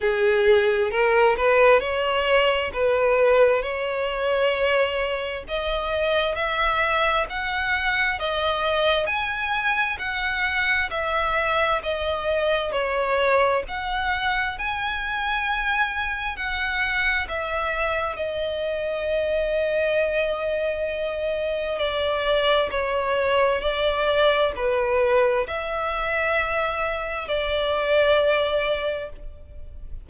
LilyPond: \new Staff \with { instrumentName = "violin" } { \time 4/4 \tempo 4 = 66 gis'4 ais'8 b'8 cis''4 b'4 | cis''2 dis''4 e''4 | fis''4 dis''4 gis''4 fis''4 | e''4 dis''4 cis''4 fis''4 |
gis''2 fis''4 e''4 | dis''1 | d''4 cis''4 d''4 b'4 | e''2 d''2 | }